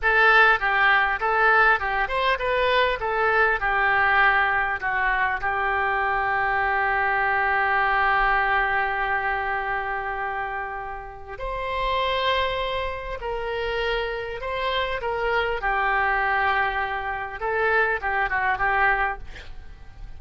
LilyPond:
\new Staff \with { instrumentName = "oboe" } { \time 4/4 \tempo 4 = 100 a'4 g'4 a'4 g'8 c''8 | b'4 a'4 g'2 | fis'4 g'2.~ | g'1~ |
g'2. c''4~ | c''2 ais'2 | c''4 ais'4 g'2~ | g'4 a'4 g'8 fis'8 g'4 | }